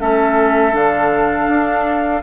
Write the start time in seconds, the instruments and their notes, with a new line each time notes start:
0.00 bassoon A3, clarinet C#4, oboe A4, flute E5
0.72 bassoon D3, clarinet D4, flute F5
1.48 bassoon D4